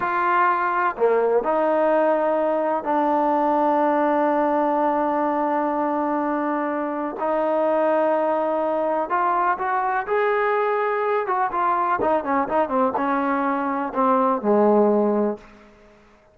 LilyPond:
\new Staff \with { instrumentName = "trombone" } { \time 4/4 \tempo 4 = 125 f'2 ais4 dis'4~ | dis'2 d'2~ | d'1~ | d'2. dis'4~ |
dis'2. f'4 | fis'4 gis'2~ gis'8 fis'8 | f'4 dis'8 cis'8 dis'8 c'8 cis'4~ | cis'4 c'4 gis2 | }